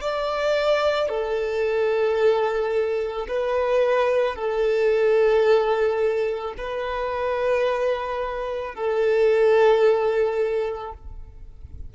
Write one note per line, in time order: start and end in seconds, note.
0.00 1.09 D5
1.09 3.27 A4
3.28 4.35 B4
4.35 6.54 A4
6.57 8.74 B4
8.74 10.92 A4